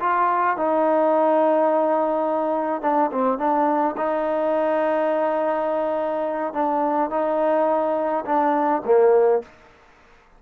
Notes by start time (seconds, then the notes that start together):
0.00 F4
0.57 D#4
2.82 D4
3.11 C4
3.38 D4
3.97 D#4
6.54 D4
7.10 D#4
8.25 D4
8.85 A#3